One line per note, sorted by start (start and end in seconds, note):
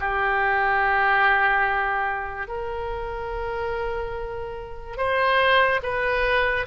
0.00 2.48 G4
2.48 4.98 A#4
4.98 5.81 C5
5.83 6.66 B4